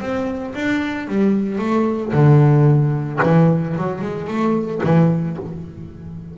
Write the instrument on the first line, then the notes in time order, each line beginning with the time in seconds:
double bass
0.00 C4
0.54 D4
1.08 G3
1.59 A3
2.12 D3
3.23 E3
3.77 F#3
4.01 G#3
4.28 A3
4.84 E3